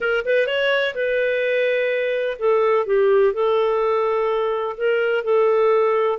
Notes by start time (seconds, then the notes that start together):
0.01 A#4
0.25 B4
0.46 C#5
0.94 B4
2.38 A4
2.85 G4
3.33 A4
4.77 A#4
5.24 A4